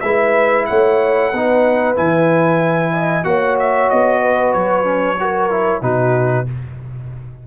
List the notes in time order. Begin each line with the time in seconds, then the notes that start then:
0.00 G#3 E4 B4 E5
0.65 A3 C#5 F#5
1.32 B3 D#4 B4
1.95 E3 E4 G#5
2.93 D#5
3.24 A#3 F#4 C#5 F#5
3.59 E5
3.89 B3 D#5
4.21 B4
4.53 F#3 C#5
4.83 C#4
5.19 F#4 A#4
5.50 E4
5.81 B2 D#4 F#4 B4